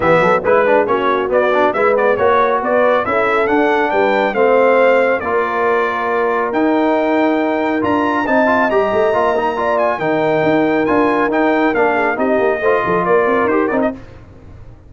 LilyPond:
<<
  \new Staff \with { instrumentName = "trumpet" } { \time 4/4 \tempo 4 = 138 e''4 b'4 cis''4 d''4 | e''8 d''8 cis''4 d''4 e''4 | fis''4 g''4 f''2 | d''2. g''4~ |
g''2 ais''4 a''4 | ais''2~ ais''8 gis''8 g''4~ | g''4 gis''4 g''4 f''4 | dis''2 d''4 c''8 d''16 dis''16 | }
  \new Staff \with { instrumentName = "horn" } { \time 4/4 g'8 a'8 b'4 fis'2 | b'4 cis''4 b'4 a'4~ | a'4 b'4 c''2 | ais'1~ |
ais'2. dis''4~ | dis''2 d''4 ais'4~ | ais'2.~ ais'8 gis'8 | g'4 c''8 a'8 ais'2 | }
  \new Staff \with { instrumentName = "trombone" } { \time 4/4 b4 e'8 d'8 cis'4 b8 d'8 | e'8 b8 fis'2 e'4 | d'2 c'2 | f'2. dis'4~ |
dis'2 f'4 dis'8 f'8 | g'4 f'8 dis'8 f'4 dis'4~ | dis'4 f'4 dis'4 d'4 | dis'4 f'2 g'8 dis'8 | }
  \new Staff \with { instrumentName = "tuba" } { \time 4/4 e8 fis8 gis4 ais4 b4 | gis4 ais4 b4 cis'4 | d'4 g4 a2 | ais2. dis'4~ |
dis'2 d'4 c'4 | g8 a8 ais2 dis4 | dis'4 d'4 dis'4 ais4 | c'8 ais8 a8 f8 ais8 c'8 dis'8 c'8 | }
>>